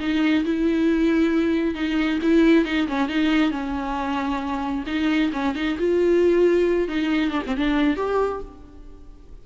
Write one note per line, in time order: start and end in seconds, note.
0.00 0.44 D#4
0.45 1.75 E4
1.75 2.19 D#4
2.22 2.65 E4
2.65 2.88 D#4
2.88 3.09 C#4
3.09 3.51 D#4
3.51 4.84 C#4
4.87 5.32 D#4
5.33 5.55 C#4
5.55 5.77 D#4
5.79 6.88 F4
6.88 7.31 D#4
7.31 7.42 D4
7.47 7.57 C4
7.57 7.97 D4
7.97 8.41 G4